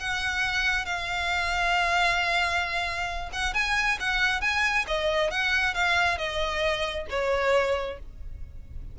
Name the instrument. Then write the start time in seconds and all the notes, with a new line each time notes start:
violin
0.00 F#5
0.85 F5
3.33 F#5
3.54 G#5
4.00 F#5
4.41 G#5
4.88 D#5
5.31 F#5
5.74 F5
6.18 D#5
7.10 C#5